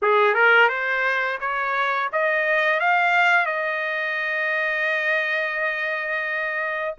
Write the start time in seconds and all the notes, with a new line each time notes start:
0.02 G#4
0.34 A#4
0.68 C5
1.40 C#5
2.12 D#5
2.80 F5
3.45 D#5